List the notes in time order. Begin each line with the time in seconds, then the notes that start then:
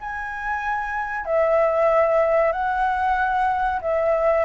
0.00 G#5
1.25 E5
2.52 F#5
3.81 E5